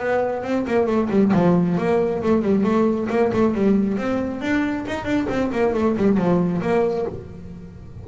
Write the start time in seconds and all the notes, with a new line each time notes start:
0.00 B3
0.44 C4
0.68 A#3
0.87 A3
1.10 G3
1.34 F3
1.78 A#3
2.23 A3
2.42 G3
2.64 A3
3.10 A#3
3.34 A3
3.55 G3
3.98 C4
4.42 D4
4.87 D#4
5.05 D4
5.29 C4
5.52 A#3
5.74 A3
5.97 G3
6.17 F3
6.62 A#3